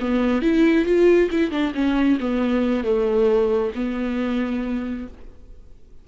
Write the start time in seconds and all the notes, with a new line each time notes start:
0.00 B3
0.42 E4
0.85 F4
1.31 E4
1.51 D4
1.74 C#4
2.20 B3
2.84 A3
3.75 B3